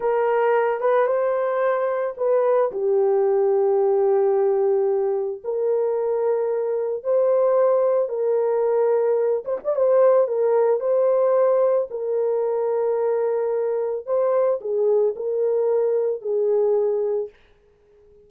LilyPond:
\new Staff \with { instrumentName = "horn" } { \time 4/4 \tempo 4 = 111 ais'4. b'8 c''2 | b'4 g'2.~ | g'2 ais'2~ | ais'4 c''2 ais'4~ |
ais'4. c''16 d''16 c''4 ais'4 | c''2 ais'2~ | ais'2 c''4 gis'4 | ais'2 gis'2 | }